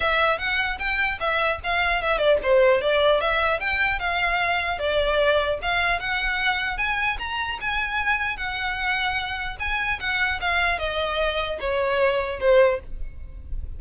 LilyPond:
\new Staff \with { instrumentName = "violin" } { \time 4/4 \tempo 4 = 150 e''4 fis''4 g''4 e''4 | f''4 e''8 d''8 c''4 d''4 | e''4 g''4 f''2 | d''2 f''4 fis''4~ |
fis''4 gis''4 ais''4 gis''4~ | gis''4 fis''2. | gis''4 fis''4 f''4 dis''4~ | dis''4 cis''2 c''4 | }